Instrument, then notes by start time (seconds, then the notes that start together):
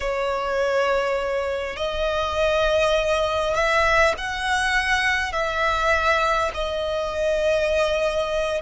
violin
0.00 C#5
1.76 D#5
3.55 E5
4.17 F#5
5.32 E5
6.53 D#5